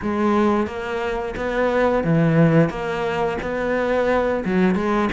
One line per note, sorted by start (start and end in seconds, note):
0.02 0.66 G#3
0.66 1.35 A#3
1.36 2.04 B3
2.04 2.69 E3
2.69 3.37 A#3
3.42 4.44 B3
4.44 4.75 F#3
4.75 5.09 G#3